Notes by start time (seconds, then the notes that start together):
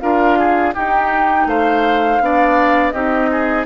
0.00 D4 F4 A#4 F5
0.39 G#4
0.75 D#4 G4 G5
1.46 A3 C5 F5
2.20 B3 D4 D5
2.91 C4 D#4 G4 D#5
3.32 G#4